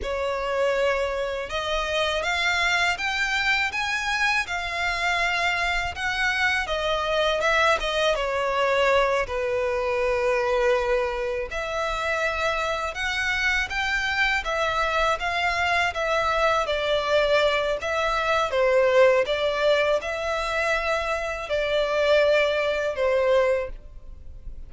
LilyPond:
\new Staff \with { instrumentName = "violin" } { \time 4/4 \tempo 4 = 81 cis''2 dis''4 f''4 | g''4 gis''4 f''2 | fis''4 dis''4 e''8 dis''8 cis''4~ | cis''8 b'2. e''8~ |
e''4. fis''4 g''4 e''8~ | e''8 f''4 e''4 d''4. | e''4 c''4 d''4 e''4~ | e''4 d''2 c''4 | }